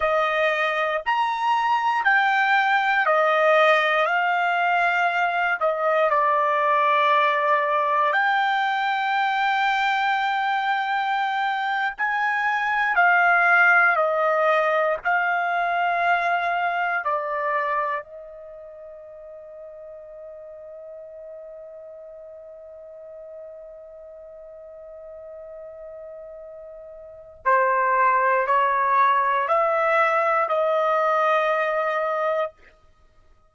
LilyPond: \new Staff \with { instrumentName = "trumpet" } { \time 4/4 \tempo 4 = 59 dis''4 ais''4 g''4 dis''4 | f''4. dis''8 d''2 | g''2.~ g''8. gis''16~ | gis''8. f''4 dis''4 f''4~ f''16~ |
f''8. d''4 dis''2~ dis''16~ | dis''1~ | dis''2. c''4 | cis''4 e''4 dis''2 | }